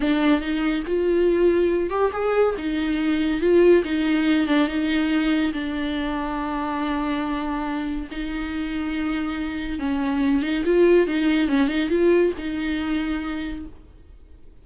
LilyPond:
\new Staff \with { instrumentName = "viola" } { \time 4/4 \tempo 4 = 141 d'4 dis'4 f'2~ | f'8 g'8 gis'4 dis'2 | f'4 dis'4. d'8 dis'4~ | dis'4 d'2.~ |
d'2. dis'4~ | dis'2. cis'4~ | cis'8 dis'8 f'4 dis'4 cis'8 dis'8 | f'4 dis'2. | }